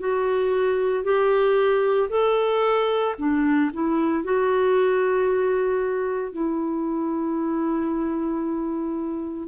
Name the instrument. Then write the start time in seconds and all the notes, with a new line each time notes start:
clarinet
0.00 F#4
1.04 G4
2.10 A4
3.19 D4
3.73 E4
4.24 F#4
6.33 E4